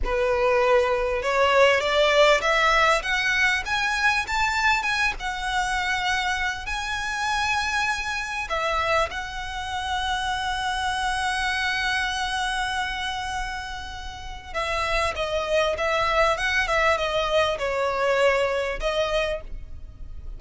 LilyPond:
\new Staff \with { instrumentName = "violin" } { \time 4/4 \tempo 4 = 99 b'2 cis''4 d''4 | e''4 fis''4 gis''4 a''4 | gis''8 fis''2~ fis''8 gis''4~ | gis''2 e''4 fis''4~ |
fis''1~ | fis''1 | e''4 dis''4 e''4 fis''8 e''8 | dis''4 cis''2 dis''4 | }